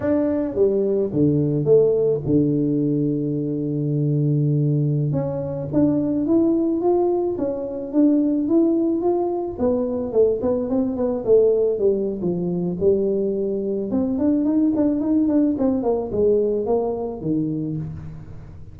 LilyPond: \new Staff \with { instrumentName = "tuba" } { \time 4/4 \tempo 4 = 108 d'4 g4 d4 a4 | d1~ | d4~ d16 cis'4 d'4 e'8.~ | e'16 f'4 cis'4 d'4 e'8.~ |
e'16 f'4 b4 a8 b8 c'8 b16~ | b16 a4 g8. f4 g4~ | g4 c'8 d'8 dis'8 d'8 dis'8 d'8 | c'8 ais8 gis4 ais4 dis4 | }